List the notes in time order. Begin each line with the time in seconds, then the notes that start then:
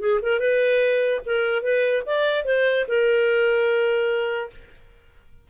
0.00 G#4
0.22 A#4
0.40 B4
1.26 A#4
1.63 B4
2.06 D5
2.45 C5
2.88 A#4